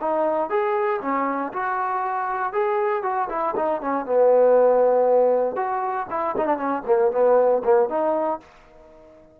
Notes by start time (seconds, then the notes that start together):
0.00 D#4
0.49 G#4
1.01 C#4
1.52 F#4
2.53 G#4
3.03 F#4
3.29 E4
3.55 D#4
3.81 C#4
4.05 B3
5.56 F#4
6.10 E4
6.36 D#4
6.46 D4
6.57 C#4
6.86 A#3
7.11 B3
7.64 A#3
7.89 D#4